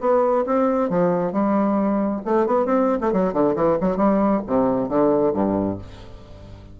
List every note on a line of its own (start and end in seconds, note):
0.00 0.44 B3
0.46 0.89 C4
0.89 1.32 F3
1.32 2.21 G3
2.25 2.46 A3
2.46 2.65 B3
2.65 2.99 C4
3.01 3.12 A3
3.12 3.33 F#3
3.33 3.55 D3
3.55 3.78 E3
3.81 3.97 F#3
3.97 4.41 G3
4.46 4.89 C3
4.89 5.33 D3
5.33 5.78 G2